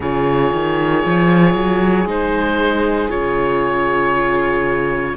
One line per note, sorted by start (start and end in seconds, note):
0.00 0.51 C#3
0.00 2.07 F4
0.00 5.16 G#4
0.00 2.08 C#5
0.52 1.04 D#3
1.05 1.53 F3
1.53 2.05 F#3
2.05 3.08 G#3
2.05 3.09 D#4
2.05 3.10 C5
3.09 5.16 C#3
3.09 5.16 F4
3.09 5.16 C#5